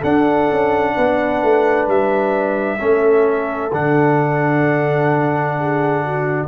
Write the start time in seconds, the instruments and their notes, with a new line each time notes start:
0.00 trombone D4, tuba D4, horn A4, trumpet F#5
0.51 tuba C#4
0.96 tuba B3, horn B4
1.43 tuba A3
1.88 tuba G3, trumpet E5
2.79 tuba A3, trombone C#4, horn A4
3.73 tuba D3, trombone D4, trumpet F#5
5.59 horn G#4
6.05 horn F#4